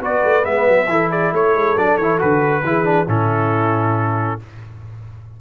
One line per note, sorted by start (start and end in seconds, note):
0.00 0.22 B3
0.00 0.43 F#4
0.00 0.89 B4
0.00 0.45 D5
0.24 0.45 A3
0.43 0.67 G#3
0.43 0.87 B3
0.43 1.10 E5
0.67 0.88 F#3
0.88 1.32 E3
0.88 1.77 E4
0.88 1.10 A4
1.10 1.32 G#4
1.10 1.33 D5
1.33 1.55 A3
1.33 2.64 A4
1.33 1.78 C#5
1.55 1.76 G#3
1.77 1.98 F#3
1.77 2.00 D4
1.77 1.97 D5
1.97 2.20 E3
1.97 2.18 E4
1.97 2.19 C#5
2.18 2.64 D3
2.18 2.62 F#4
2.18 3.08 B4
2.64 3.07 E3
2.64 2.84 E4
2.64 3.07 G#4
2.84 3.06 D4
3.07 4.39 A2
3.07 4.40 C#4
3.07 4.39 E4
3.07 4.40 A4